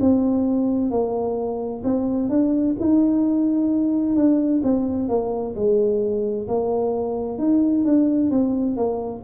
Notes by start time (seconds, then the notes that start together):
0.00 C4
0.90 A#3
1.83 C4
2.29 D4
2.79 D#4
4.15 D4
4.63 C4
5.09 A#3
5.55 G#3
6.47 A#3
7.38 D#4
7.84 D4
8.30 C4
8.77 A#3